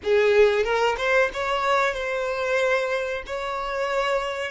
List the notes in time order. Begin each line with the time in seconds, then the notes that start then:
0.03 G#4
0.63 A#4
0.97 C5
1.33 C#5
1.94 C5
3.26 C#5